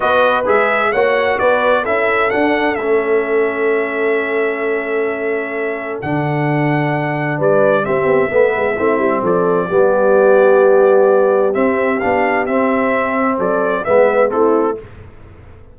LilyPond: <<
  \new Staff \with { instrumentName = "trumpet" } { \time 4/4 \tempo 4 = 130 dis''4 e''4 fis''4 d''4 | e''4 fis''4 e''2~ | e''1~ | e''4 fis''2. |
d''4 e''2. | d''1~ | d''4 e''4 f''4 e''4~ | e''4 d''4 e''4 a'4 | }
  \new Staff \with { instrumentName = "horn" } { \time 4/4 b'2 cis''4 b'4 | a'1~ | a'1~ | a'1 |
b'4 g'4 b'4 e'4 | a'4 g'2.~ | g'1~ | g'4 a'4 b'4 e'4 | }
  \new Staff \with { instrumentName = "trombone" } { \time 4/4 fis'4 gis'4 fis'2 | e'4 d'4 cis'2~ | cis'1~ | cis'4 d'2.~ |
d'4 c'4 b4 c'4~ | c'4 b2.~ | b4 c'4 d'4 c'4~ | c'2 b4 c'4 | }
  \new Staff \with { instrumentName = "tuba" } { \time 4/4 b4 gis4 ais4 b4 | cis'4 d'4 a2~ | a1~ | a4 d2. |
g4 c'8 b8 a8 gis8 a8 g8 | f4 g2.~ | g4 c'4 b4 c'4~ | c'4 fis4 gis4 a4 | }
>>